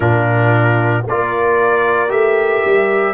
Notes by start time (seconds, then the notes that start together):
0.00 A#2 D4 F4 A#4
1.06 A#3 F4 A#4 D5
2.08 A3 G4 E5
2.65 G3